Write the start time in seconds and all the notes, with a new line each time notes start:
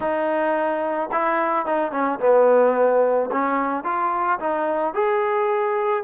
0.00 D#4
1.12 E4
1.66 D#4
1.91 C#4
2.19 B3
3.31 C#4
3.84 F4
4.39 D#4
4.94 G#4